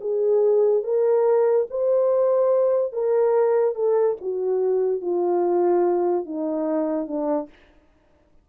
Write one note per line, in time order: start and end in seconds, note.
0.00 0.83 G#4
0.83 1.66 A#4
1.70 2.92 C5
2.92 3.75 A#4
3.75 4.16 A4
4.20 5.01 F#4
5.01 6.25 F4
6.25 7.07 D#4
7.07 7.49 D4